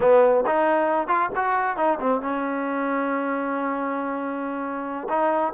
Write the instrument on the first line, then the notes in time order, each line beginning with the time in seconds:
trombone
0.00 B3
0.46 D#4
1.07 F4
1.35 F#4
1.76 D#4
2.00 C4
2.21 C#4
5.09 D#4